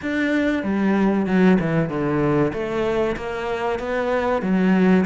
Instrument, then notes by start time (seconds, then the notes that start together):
cello
0.01 D4
0.63 G3
1.26 F#3
1.60 E3
1.89 D3
2.53 A3
3.16 A#3
3.79 B3
4.42 F#3